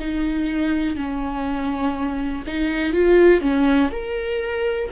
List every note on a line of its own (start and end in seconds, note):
0.00 0.97 D#4
0.97 2.44 C#4
2.48 2.93 D#4
2.93 3.41 F4
3.41 3.90 C#4
3.92 4.90 A#4